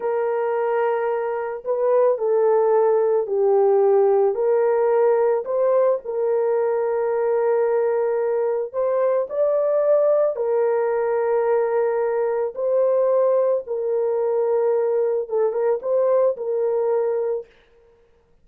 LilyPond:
\new Staff \with { instrumentName = "horn" } { \time 4/4 \tempo 4 = 110 ais'2. b'4 | a'2 g'2 | ais'2 c''4 ais'4~ | ais'1 |
c''4 d''2 ais'4~ | ais'2. c''4~ | c''4 ais'2. | a'8 ais'8 c''4 ais'2 | }